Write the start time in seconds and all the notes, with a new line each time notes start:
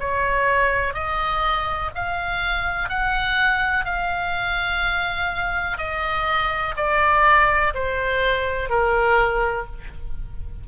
0.00 C#5
0.94 D#5
1.95 F5
2.89 F#5
3.85 F5
5.78 D#5
6.77 D5
7.75 C5
8.70 A#4